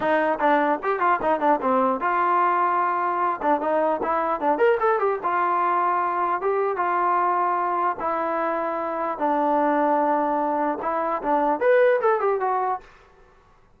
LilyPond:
\new Staff \with { instrumentName = "trombone" } { \time 4/4 \tempo 4 = 150 dis'4 d'4 g'8 f'8 dis'8 d'8 | c'4 f'2.~ | f'8 d'8 dis'4 e'4 d'8 ais'8 | a'8 g'8 f'2. |
g'4 f'2. | e'2. d'4~ | d'2. e'4 | d'4 b'4 a'8 g'8 fis'4 | }